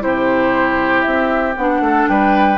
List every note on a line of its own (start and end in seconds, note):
0.00 1.05 C3
0.00 1.54 E4
0.00 1.82 G4
0.00 1.02 C5
1.02 1.56 C4
1.02 1.53 E5
1.56 1.80 B3
1.56 2.58 D4
1.56 2.07 F#5
1.80 2.06 A3
1.80 2.09 A4
2.07 2.58 G3
2.07 2.58 B4
2.07 2.58 G5